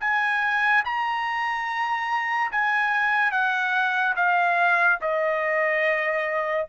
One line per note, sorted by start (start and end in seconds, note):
0.00 0.83 G#5
0.84 2.51 A#5
2.51 3.31 G#5
3.31 4.14 F#5
4.16 4.99 F5
5.01 6.67 D#5